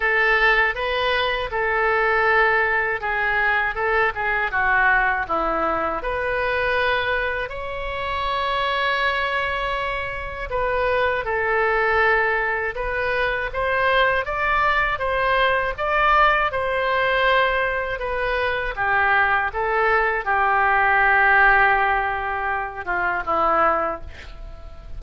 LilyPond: \new Staff \with { instrumentName = "oboe" } { \time 4/4 \tempo 4 = 80 a'4 b'4 a'2 | gis'4 a'8 gis'8 fis'4 e'4 | b'2 cis''2~ | cis''2 b'4 a'4~ |
a'4 b'4 c''4 d''4 | c''4 d''4 c''2 | b'4 g'4 a'4 g'4~ | g'2~ g'8 f'8 e'4 | }